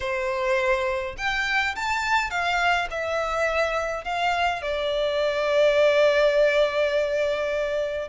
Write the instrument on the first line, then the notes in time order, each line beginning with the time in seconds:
violin
0.00 C5
1.17 G5
1.75 A5
2.30 F5
2.90 E5
4.04 F5
4.62 D5